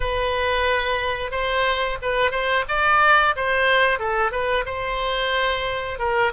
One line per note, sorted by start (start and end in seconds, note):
0.00 1.31 B4
1.31 1.98 C5
2.02 2.31 B4
2.31 2.64 C5
2.68 3.35 D5
3.35 3.99 C5
3.99 4.31 A4
4.31 4.65 B4
4.65 5.98 C5
5.98 6.32 A#4